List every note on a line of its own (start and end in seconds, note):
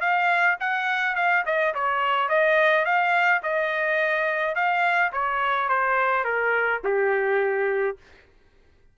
0.00 0.57 F5
0.59 1.15 F#5
1.15 1.44 F5
1.45 1.73 D#5
1.74 2.28 C#5
2.28 2.85 D#5
2.85 3.41 F5
3.42 4.55 D#5
4.55 5.11 F5
5.12 5.68 C#5
5.68 6.24 C5
6.24 6.81 A#4
6.84 7.97 G4